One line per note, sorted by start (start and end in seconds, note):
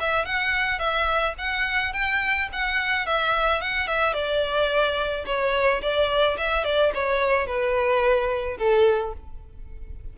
0.00 0.26 E5
0.26 0.79 F#5
0.79 1.34 E5
1.38 1.93 F#5
1.93 2.48 G5
2.53 3.06 F#5
3.06 3.61 E5
3.61 3.87 F#5
3.87 4.14 E5
4.14 5.25 D5
5.26 5.81 C#5
5.82 6.37 D5
6.37 6.64 E5
6.64 6.92 D5
6.94 7.46 C#5
7.46 8.58 B4
8.58 9.13 A4